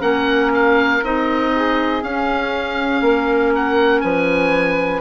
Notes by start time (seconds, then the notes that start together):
0.00 A#3 C#4 A#4 F#5
0.54 F5
1.02 C4 D#4 D#5
1.55 G#4
2.02 C#4 F5
3.01 A#3 A#4
3.55 F#5
4.00 F3 B4 G#5